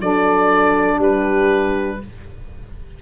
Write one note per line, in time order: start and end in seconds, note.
0.00 0.99 F#3
0.00 2.01 D4
0.00 0.98 A4
0.00 1.01 D5
0.98 1.99 G3
0.98 1.98 G4
0.98 2.02 B4